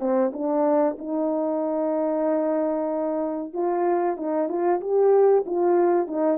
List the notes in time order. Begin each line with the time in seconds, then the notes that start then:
0.00 C4
0.34 D4
0.99 D#4
3.54 F4
4.18 D#4
4.49 F4
4.81 G4
5.46 F4
6.08 D#4